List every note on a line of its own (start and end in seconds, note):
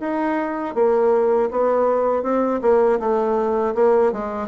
0.00 0.75 D#4
0.75 1.50 A#3
1.51 2.23 B3
2.23 2.61 C4
2.62 2.99 A#3
3.00 3.75 A3
3.75 4.12 A#3
4.12 4.48 G#3